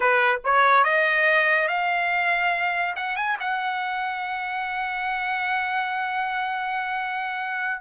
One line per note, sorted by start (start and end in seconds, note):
0.00 0.39 B4
0.44 0.84 C#5
0.84 1.68 D#5
1.68 2.95 F5
2.96 3.16 F#5
3.16 3.37 G#5
3.40 7.81 F#5